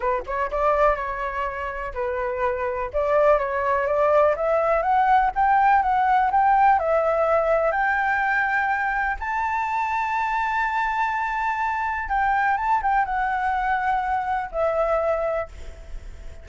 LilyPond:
\new Staff \with { instrumentName = "flute" } { \time 4/4 \tempo 4 = 124 b'8 cis''8 d''4 cis''2 | b'2 d''4 cis''4 | d''4 e''4 fis''4 g''4 | fis''4 g''4 e''2 |
g''2. a''4~ | a''1~ | a''4 g''4 a''8 g''8 fis''4~ | fis''2 e''2 | }